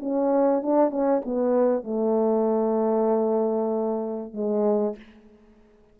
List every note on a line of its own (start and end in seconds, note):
0.00 0.62 C#4
0.62 0.91 D4
0.91 1.22 C#4
1.25 1.84 B3
1.84 4.34 A3
4.34 4.96 G#3